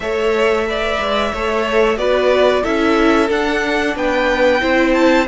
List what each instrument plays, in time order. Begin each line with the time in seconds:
0.00 cello A3, viola A4, violin C#5 E5
0.67 viola B4, violin D5
0.99 cello G#3
1.31 cello A3, viola A4, violin C#5
1.96 cello B3, viola F#4, violin B4 D5
2.62 cello C#4, viola E4, violin A4 E5
3.28 viola D4, cello D4, violin F#5
3.95 cello B3, violin B4 G5
4.60 cello C4, viola E4, violin C5
4.94 violin A5